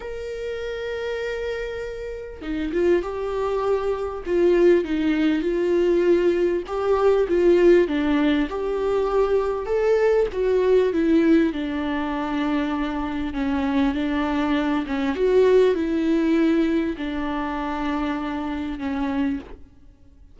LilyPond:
\new Staff \with { instrumentName = "viola" } { \time 4/4 \tempo 4 = 99 ais'1 | dis'8 f'8 g'2 f'4 | dis'4 f'2 g'4 | f'4 d'4 g'2 |
a'4 fis'4 e'4 d'4~ | d'2 cis'4 d'4~ | d'8 cis'8 fis'4 e'2 | d'2. cis'4 | }